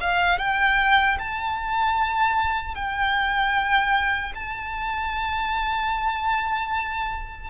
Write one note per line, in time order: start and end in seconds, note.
0.00 0.38 F5
0.38 1.17 G5
1.18 2.75 A5
2.75 4.32 G5
4.35 7.50 A5